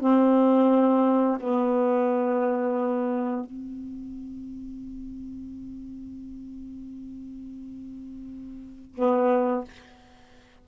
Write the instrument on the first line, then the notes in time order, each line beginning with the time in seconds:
saxophone
0.00 C4
1.40 B3
3.45 C4
8.95 B3